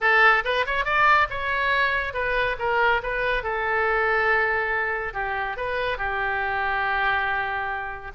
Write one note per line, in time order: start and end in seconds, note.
0.00 0.43 A4
0.44 0.65 B4
0.66 0.84 C#5
0.84 1.27 D5
1.30 2.13 C#5
2.13 2.56 B4
2.58 3.01 A#4
3.02 3.43 B4
3.43 5.13 A4
5.13 5.56 G4
5.56 5.97 B4
5.97 8.11 G4